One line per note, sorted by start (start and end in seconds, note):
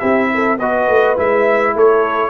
0.00 0.60 C4
0.00 0.58 E4
0.00 0.30 G4
0.00 0.58 E5
0.34 0.59 A4
0.59 0.88 B3
0.59 1.17 F#4
0.59 1.75 B4
0.59 1.17 D#5
0.88 1.17 A3
1.17 1.75 G#3
1.17 2.30 E4
1.17 1.77 E5
1.75 2.30 A3
1.75 2.30 A4
1.75 2.30 C#5